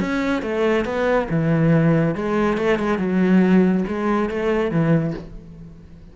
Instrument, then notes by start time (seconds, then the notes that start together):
cello
0.00 C#4
0.42 A3
0.85 B3
1.29 E3
2.15 G#3
2.57 A3
2.79 G#3
2.98 F#3
3.87 G#3
4.29 A3
4.71 E3